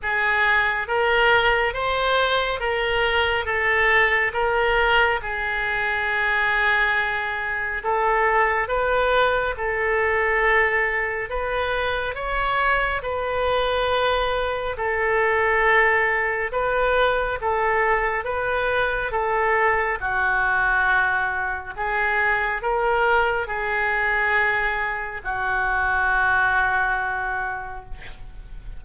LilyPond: \new Staff \with { instrumentName = "oboe" } { \time 4/4 \tempo 4 = 69 gis'4 ais'4 c''4 ais'4 | a'4 ais'4 gis'2~ | gis'4 a'4 b'4 a'4~ | a'4 b'4 cis''4 b'4~ |
b'4 a'2 b'4 | a'4 b'4 a'4 fis'4~ | fis'4 gis'4 ais'4 gis'4~ | gis'4 fis'2. | }